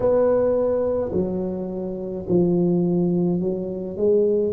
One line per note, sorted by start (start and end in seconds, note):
0.00 1.11 B3
1.12 2.25 F#3
2.28 3.40 F3
3.40 3.96 F#3
3.96 4.53 G#3